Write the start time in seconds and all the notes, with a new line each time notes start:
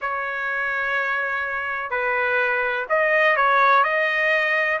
0.01 C#5
1.90 B4
2.89 D#5
3.36 C#5
3.83 D#5